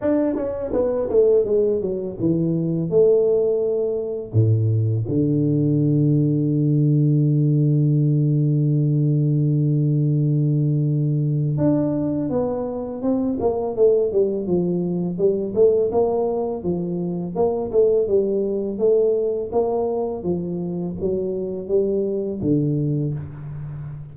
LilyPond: \new Staff \with { instrumentName = "tuba" } { \time 4/4 \tempo 4 = 83 d'8 cis'8 b8 a8 gis8 fis8 e4 | a2 a,4 d4~ | d1~ | d1 |
d'4 b4 c'8 ais8 a8 g8 | f4 g8 a8 ais4 f4 | ais8 a8 g4 a4 ais4 | f4 fis4 g4 d4 | }